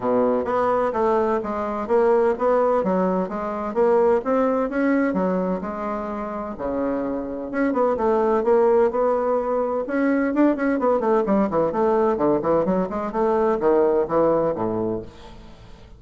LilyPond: \new Staff \with { instrumentName = "bassoon" } { \time 4/4 \tempo 4 = 128 b,4 b4 a4 gis4 | ais4 b4 fis4 gis4 | ais4 c'4 cis'4 fis4 | gis2 cis2 |
cis'8 b8 a4 ais4 b4~ | b4 cis'4 d'8 cis'8 b8 a8 | g8 e8 a4 d8 e8 fis8 gis8 | a4 dis4 e4 a,4 | }